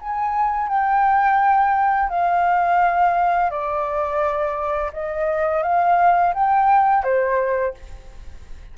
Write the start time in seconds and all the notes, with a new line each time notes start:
0.00 G#5
0.68 G5
2.10 F5
3.50 D5
4.93 D#5
5.63 F5
6.34 G5
7.04 C5